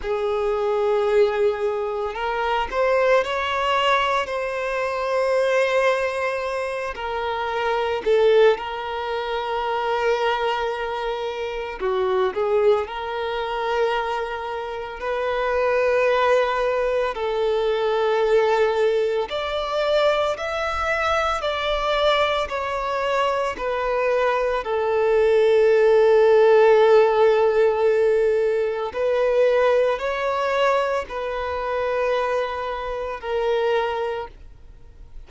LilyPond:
\new Staff \with { instrumentName = "violin" } { \time 4/4 \tempo 4 = 56 gis'2 ais'8 c''8 cis''4 | c''2~ c''8 ais'4 a'8 | ais'2. fis'8 gis'8 | ais'2 b'2 |
a'2 d''4 e''4 | d''4 cis''4 b'4 a'4~ | a'2. b'4 | cis''4 b'2 ais'4 | }